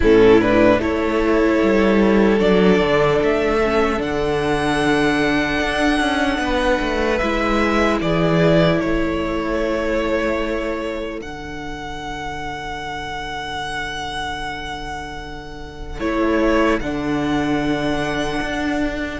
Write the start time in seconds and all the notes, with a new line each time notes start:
0.00 A2 C#4 E4 A4
0.41 D4 B4
0.78 A3 E4 A4 C#5
1.62 G3
2.39 F#3 D4 D5
2.79 D3
3.22 A3 E5
3.63 C#4
3.97 D3 D4 F#5
5.60 D4
6.00 C#4
6.38 B3 B4
6.80 A3
7.18 G#3 E4 E5
8.00 E3 G#4 D5
8.77 A4 C#5
8.83 A3
11.20 D3 D4 F#5
15.99 A3 E4 C#5
16.80 D3 D4 F#5
18.41 D4